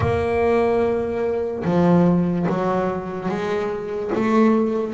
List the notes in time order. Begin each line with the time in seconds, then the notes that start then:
0.00 A#3
1.64 F3
2.49 F#3
3.28 G#3
4.15 A3